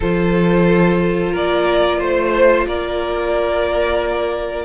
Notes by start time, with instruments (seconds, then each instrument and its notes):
0.00 cello F3, viola F4, violin A4 C5
1.32 cello A#3, violin A#4 D5
1.98 cello A3, violin C5
2.65 cello A#3, violin A#4 D5